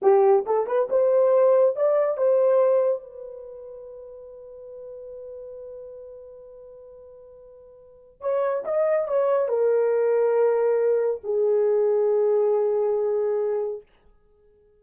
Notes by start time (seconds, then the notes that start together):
0.02 G4
0.46 A4
0.66 B4
0.89 C5
1.76 D5
2.17 C5
3.03 B4
8.21 C#5
8.64 D#5
9.08 C#5
9.48 A#4
11.23 G#4